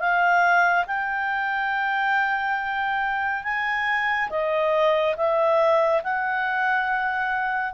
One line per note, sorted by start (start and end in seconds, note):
0.00 0.86 F5
0.87 3.44 G5
3.44 4.30 G#5
4.30 5.16 D#5
5.17 6.02 E5
6.04 7.74 F#5